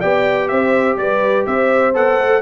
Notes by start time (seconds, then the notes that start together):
0.00 B3 G4 D5 G5
0.49 C4 C5 E5
0.97 G3 B4 D5
1.47 C4 C5 E5
1.94 B3 A4 F#5
2.19 A3